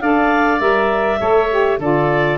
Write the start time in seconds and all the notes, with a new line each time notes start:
0.00 D4 A4 D5 F5
0.58 G3 A#4 E5
1.19 A3 A4 C#5
1.50 G4
1.78 D3 F4 A4 D5